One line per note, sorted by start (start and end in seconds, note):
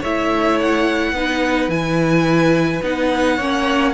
0.00 1.12 A3
0.00 1.15 E4
0.00 1.12 C#5
0.00 0.60 E5
0.60 1.70 F#5
1.12 1.68 B3
1.12 1.69 D#4
1.12 3.36 B4
1.68 2.80 E3
1.68 2.81 E4
1.68 2.82 G#5
2.83 3.39 B3
2.83 3.39 D#4
2.83 3.93 F#5
3.36 3.93 A#3
3.36 3.93 C#4
3.36 3.92 C#5